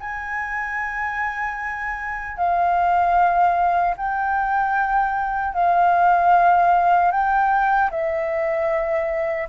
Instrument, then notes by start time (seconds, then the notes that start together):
flute
0.00 G#5
2.37 F5
3.97 G5
5.54 F5
7.11 G5
7.91 E5